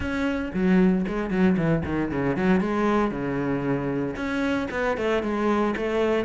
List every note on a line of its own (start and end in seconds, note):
0.00 0.51 C#4
0.53 1.05 F#3
1.07 1.30 G#3
1.30 1.56 F#3
1.57 1.83 E3
1.85 2.11 D#3
2.11 2.36 C#3
2.36 2.60 F#3
2.60 3.11 G#3
3.11 4.15 C#3
4.15 4.68 C#4
4.71 4.97 B3
4.97 5.22 A3
5.22 5.74 G#3
5.76 6.25 A3